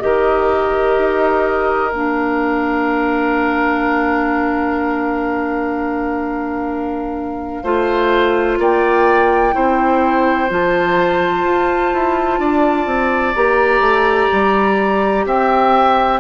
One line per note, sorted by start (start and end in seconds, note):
0.00 0.97 D#3
0.00 1.91 G4
0.00 7.63 A#4
0.00 1.90 D#5
0.97 1.92 D#4
1.90 7.63 A#3
1.90 7.64 D4
1.90 8.57 F5
7.63 8.58 A3
7.63 9.52 F4
7.63 8.58 C5
8.59 9.54 A#3
8.59 9.55 D5
8.59 10.51 G5
9.52 10.50 C4
9.52 10.48 E4
9.52 12.40 C5
10.49 11.44 F3
10.49 13.35 F4
10.49 13.35 A5
11.44 11.92 F4
11.93 12.39 E4
12.39 12.86 D4
12.39 15.26 D5
12.86 13.34 C4
13.35 13.80 A#3
13.35 16.20 G4
13.35 15.26 A#5
13.80 14.28 A3
14.32 15.25 G3
15.25 16.20 C4
15.25 16.20 E5
15.25 16.20 G5